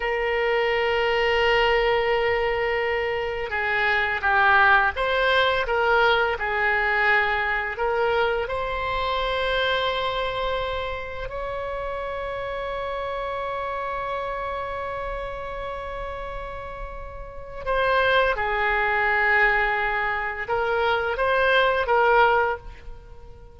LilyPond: \new Staff \with { instrumentName = "oboe" } { \time 4/4 \tempo 4 = 85 ais'1~ | ais'4 gis'4 g'4 c''4 | ais'4 gis'2 ais'4 | c''1 |
cis''1~ | cis''1~ | cis''4 c''4 gis'2~ | gis'4 ais'4 c''4 ais'4 | }